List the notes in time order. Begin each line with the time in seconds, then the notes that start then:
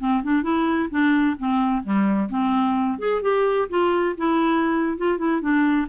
0.00 C4
0.24 D4
0.43 E4
0.91 D4
1.39 C4
1.84 G3
2.30 C4
2.99 G#4
3.23 G4
3.70 F4
4.18 E4
4.98 F4
5.18 E4
5.42 D4